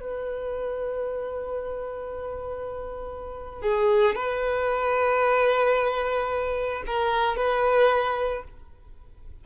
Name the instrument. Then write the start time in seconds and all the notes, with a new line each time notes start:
violin
0.00 B4
3.62 G#4
4.15 B4
6.86 A#4
7.36 B4